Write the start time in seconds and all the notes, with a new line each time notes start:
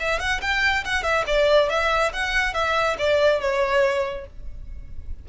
0.00 E5
0.19 F#5
0.41 G5
0.85 F#5
1.03 E5
1.27 D5
1.70 E5
2.13 F#5
2.54 E5
2.98 D5
3.41 C#5